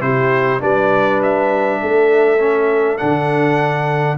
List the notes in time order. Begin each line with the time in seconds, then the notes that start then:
0.00 C3 E4 G4 C5
0.59 G3 D4 B4 D5
1.22 E5
1.81 A3 A4
2.38 C#4
2.97 D3 D4 F#5